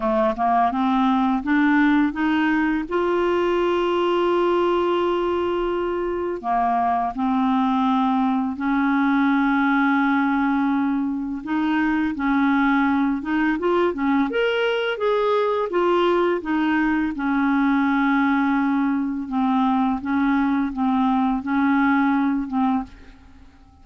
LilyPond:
\new Staff \with { instrumentName = "clarinet" } { \time 4/4 \tempo 4 = 84 a8 ais8 c'4 d'4 dis'4 | f'1~ | f'4 ais4 c'2 | cis'1 |
dis'4 cis'4. dis'8 f'8 cis'8 | ais'4 gis'4 f'4 dis'4 | cis'2. c'4 | cis'4 c'4 cis'4. c'8 | }